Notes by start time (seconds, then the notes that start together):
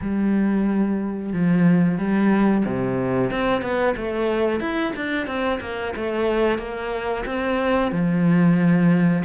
0.01 G3
1.32 F3
1.98 G3
2.65 C3
3.30 C4
3.61 B3
3.96 A3
4.60 E4
4.96 D4
5.26 C4
5.60 A#3
5.96 A3
6.58 A#3
7.25 C4
7.91 F3